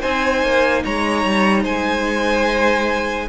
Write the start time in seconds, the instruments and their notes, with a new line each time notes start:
0.00 cello C4, viola D#4, violin C5 G#5
0.42 cello A#3
0.84 cello G#3, violin C#5 A#5
1.24 cello G3
1.62 cello G#3, violin C5 G#5